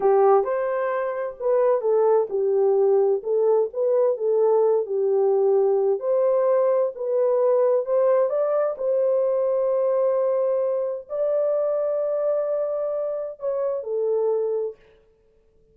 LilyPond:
\new Staff \with { instrumentName = "horn" } { \time 4/4 \tempo 4 = 130 g'4 c''2 b'4 | a'4 g'2 a'4 | b'4 a'4. g'4.~ | g'4 c''2 b'4~ |
b'4 c''4 d''4 c''4~ | c''1 | d''1~ | d''4 cis''4 a'2 | }